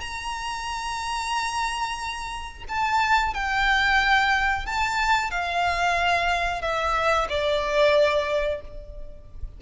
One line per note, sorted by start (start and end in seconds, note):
0.00 2.64 A#5
2.68 3.34 A5
3.34 4.65 G5
4.65 5.30 A5
5.30 6.61 F5
6.61 7.27 E5
7.29 8.61 D5